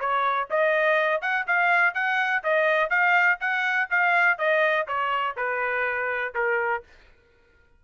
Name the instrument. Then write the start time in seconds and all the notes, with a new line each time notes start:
trumpet
0.00 C#5
0.51 D#5
1.22 F#5
1.47 F5
1.95 F#5
2.44 D#5
2.90 F5
3.40 F#5
3.90 F5
4.39 D#5
4.88 C#5
5.37 B4
6.35 A#4